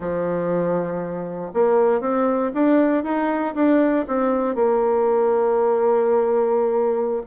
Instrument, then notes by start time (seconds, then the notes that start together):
bassoon
0.00 F3
1.53 A#3
2.01 C4
2.54 D4
3.03 D#4
3.54 D4
4.07 C4
4.55 A#3